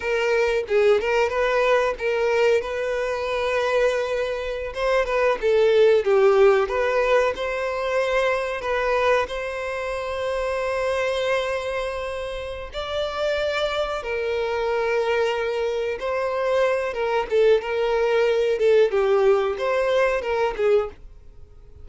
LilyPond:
\new Staff \with { instrumentName = "violin" } { \time 4/4 \tempo 4 = 92 ais'4 gis'8 ais'8 b'4 ais'4 | b'2.~ b'16 c''8 b'16~ | b'16 a'4 g'4 b'4 c''8.~ | c''4~ c''16 b'4 c''4.~ c''16~ |
c''2.~ c''8 d''8~ | d''4. ais'2~ ais'8~ | ais'8 c''4. ais'8 a'8 ais'4~ | ais'8 a'8 g'4 c''4 ais'8 gis'8 | }